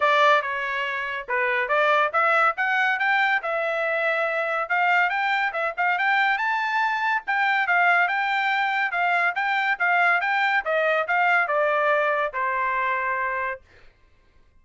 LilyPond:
\new Staff \with { instrumentName = "trumpet" } { \time 4/4 \tempo 4 = 141 d''4 cis''2 b'4 | d''4 e''4 fis''4 g''4 | e''2. f''4 | g''4 e''8 f''8 g''4 a''4~ |
a''4 g''4 f''4 g''4~ | g''4 f''4 g''4 f''4 | g''4 dis''4 f''4 d''4~ | d''4 c''2. | }